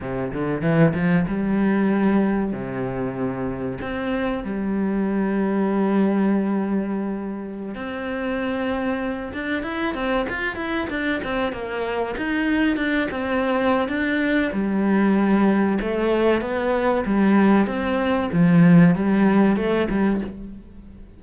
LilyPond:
\new Staff \with { instrumentName = "cello" } { \time 4/4 \tempo 4 = 95 c8 d8 e8 f8 g2 | c2 c'4 g4~ | g1~ | g16 c'2~ c'8 d'8 e'8 c'16~ |
c'16 f'8 e'8 d'8 c'8 ais4 dis'8.~ | dis'16 d'8 c'4~ c'16 d'4 g4~ | g4 a4 b4 g4 | c'4 f4 g4 a8 g8 | }